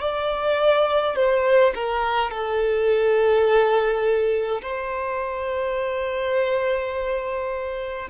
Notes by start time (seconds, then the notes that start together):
0.00 D5
1.15 C5
1.74 A#4
2.30 A4
4.62 C5